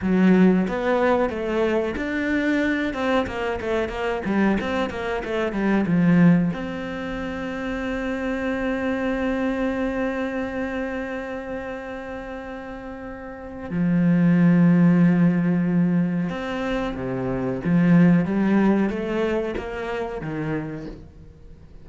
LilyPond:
\new Staff \with { instrumentName = "cello" } { \time 4/4 \tempo 4 = 92 fis4 b4 a4 d'4~ | d'8 c'8 ais8 a8 ais8 g8 c'8 ais8 | a8 g8 f4 c'2~ | c'1~ |
c'1~ | c'4 f2.~ | f4 c'4 c4 f4 | g4 a4 ais4 dis4 | }